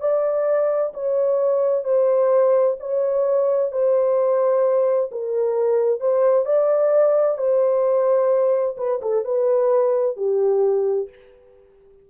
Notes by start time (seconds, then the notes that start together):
0.00 D5
0.94 C#5
1.84 C5
2.79 C#5
3.71 C5
5.11 A#4
6.00 C5
6.45 D5
7.38 C5
8.77 B4
9.01 A4
9.24 B4
10.16 G4